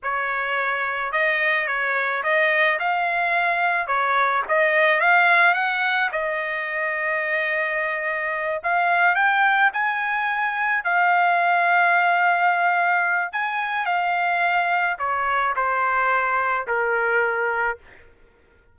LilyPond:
\new Staff \with { instrumentName = "trumpet" } { \time 4/4 \tempo 4 = 108 cis''2 dis''4 cis''4 | dis''4 f''2 cis''4 | dis''4 f''4 fis''4 dis''4~ | dis''2.~ dis''8 f''8~ |
f''8 g''4 gis''2 f''8~ | f''1 | gis''4 f''2 cis''4 | c''2 ais'2 | }